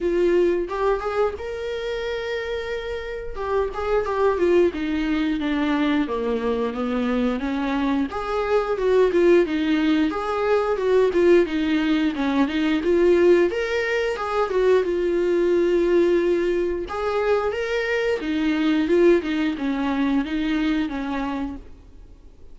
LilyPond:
\new Staff \with { instrumentName = "viola" } { \time 4/4 \tempo 4 = 89 f'4 g'8 gis'8 ais'2~ | ais'4 g'8 gis'8 g'8 f'8 dis'4 | d'4 ais4 b4 cis'4 | gis'4 fis'8 f'8 dis'4 gis'4 |
fis'8 f'8 dis'4 cis'8 dis'8 f'4 | ais'4 gis'8 fis'8 f'2~ | f'4 gis'4 ais'4 dis'4 | f'8 dis'8 cis'4 dis'4 cis'4 | }